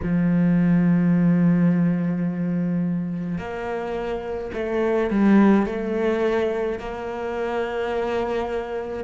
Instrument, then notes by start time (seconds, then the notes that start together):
cello
0.03 F3
3.38 A#3
4.53 A3
5.10 G3
5.66 A3
6.79 A#3